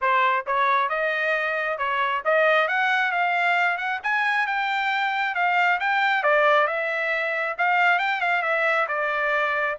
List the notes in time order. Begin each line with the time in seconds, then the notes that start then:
0.01 C5
0.46 C#5
0.89 D#5
1.78 C#5
2.24 D#5
2.68 F#5
3.11 F5
3.77 F#5
4.03 G#5
4.46 G5
5.34 F5
5.79 G5
6.23 D5
6.67 E5
7.57 F5
7.98 G5
8.21 F5
8.42 E5
8.88 D5